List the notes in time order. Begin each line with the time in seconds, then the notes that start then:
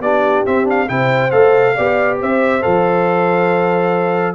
0.00 B3 D4 G4 D5
0.46 C4 E5
0.65 D4 F5
0.87 C3 E4 C5 G5
1.31 A3 A4 F5
1.75 B3 G4 D5
2.20 C4 C5 E5
2.62 F3 A4 F5